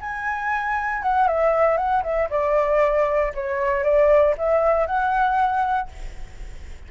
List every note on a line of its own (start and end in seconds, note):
0.00 1.02 G#5
1.02 1.28 F#5
1.28 1.77 E5
1.77 2.03 F#5
2.03 2.28 E5
2.30 3.32 D5
3.34 3.83 C#5
3.83 4.34 D5
4.37 4.86 E5
4.86 5.89 F#5